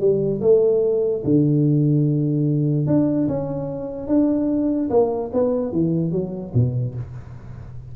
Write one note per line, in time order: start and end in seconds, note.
0.00 0.41 G3
0.42 1.23 A3
1.24 2.87 D3
2.87 3.28 D4
3.28 4.08 C#4
4.08 4.89 D4
4.90 5.31 A#3
5.33 5.72 B3
5.72 6.12 E3
6.12 6.53 F#3
6.54 6.95 B2